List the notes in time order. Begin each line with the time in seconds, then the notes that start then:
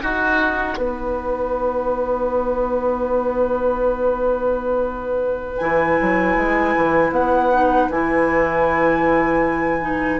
0.00 D#4 F#4 F#5
0.77 B3 B4
5.57 E3 E4 G#5
6.01 F#3
6.36 G#3
6.76 E3
7.11 B3 F#5
7.52 D#4
7.90 E3 E4 G#5
9.81 D#4